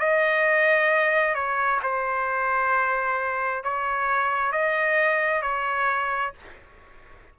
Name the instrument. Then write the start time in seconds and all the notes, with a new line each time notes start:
trumpet
0.00 D#5
1.35 C#5
1.83 C5
3.64 C#5
4.52 D#5
5.43 C#5